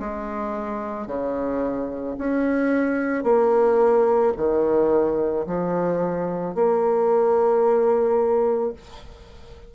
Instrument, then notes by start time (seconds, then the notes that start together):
bassoon
0.00 G#3
1.07 C#3
2.19 C#4
3.24 A#3
4.37 D#3
5.46 F3
6.56 A#3